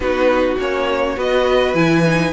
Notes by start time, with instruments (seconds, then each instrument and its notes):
0.00 cello B3, viola D#4, violin F#4 B4
0.58 cello A#3, viola C#4, violin C#5
1.16 cello B3, viola F#4, violin B4 D#5
1.73 cello E3, viola E4, violin G#5
2.05 viola D#4